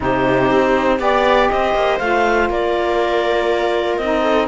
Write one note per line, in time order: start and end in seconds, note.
0.00 0.50 C3
0.00 0.99 D#4
0.00 0.99 G4
0.00 1.01 C5
0.50 0.99 C4
0.99 1.49 B3
0.99 1.99 G4
0.99 1.49 D5
1.49 1.74 C4
1.49 2.50 C5
1.49 1.98 D#5
1.74 1.99 A#3
1.98 2.49 A3
1.98 4.01 F4
1.98 2.48 F5
2.49 3.98 A#3
2.49 4.21 A#4
2.49 3.97 D5
3.97 4.48 C4
3.97 4.48 D#4
3.97 4.47 D#5
4.21 4.46 A4